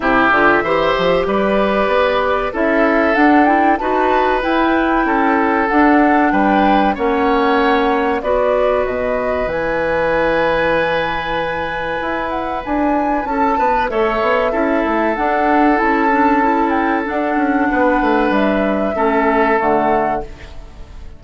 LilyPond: <<
  \new Staff \with { instrumentName = "flute" } { \time 4/4 \tempo 4 = 95 e''2 d''2 | e''4 fis''8 g''8 a''4 g''4~ | g''4 fis''4 g''4 fis''4~ | fis''4 d''4 dis''4 gis''4~ |
gis''2.~ gis''8 fis''8 | gis''4 a''4 e''2 | fis''4 a''4. g''8 fis''4~ | fis''4 e''2 fis''4 | }
  \new Staff \with { instrumentName = "oboe" } { \time 4/4 g'4 c''4 b'2 | a'2 b'2 | a'2 b'4 cis''4~ | cis''4 b'2.~ |
b'1~ | b'4 a'8 b'8 cis''4 a'4~ | a'1 | b'2 a'2 | }
  \new Staff \with { instrumentName = "clarinet" } { \time 4/4 e'8 f'8 g'2. | e'4 d'8 e'8 fis'4 e'4~ | e'4 d'2 cis'4~ | cis'4 fis'2 e'4~ |
e'1~ | e'2 a'4 e'4 | d'4 e'8 d'8 e'4 d'4~ | d'2 cis'4 a4 | }
  \new Staff \with { instrumentName = "bassoon" } { \time 4/4 c8 d8 e8 f8 g4 b4 | cis'4 d'4 dis'4 e'4 | cis'4 d'4 g4 ais4~ | ais4 b4 b,4 e4~ |
e2. e'4 | d'4 cis'8 b8 a8 b8 cis'8 a8 | d'4 cis'2 d'8 cis'8 | b8 a8 g4 a4 d4 | }
>>